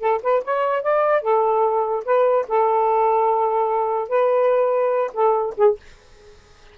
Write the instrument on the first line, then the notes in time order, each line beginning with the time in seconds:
saxophone
0.00 A4
0.22 B4
0.44 C#5
0.82 D5
1.21 A4
2.05 B4
2.48 A4
4.08 B4
5.13 A4
5.57 G#4